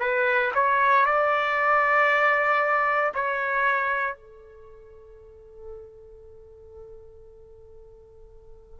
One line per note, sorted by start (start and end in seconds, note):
0.00 0.52 B4
0.54 1.05 C#5
1.05 3.12 D5
3.14 4.15 C#5
4.15 8.79 A4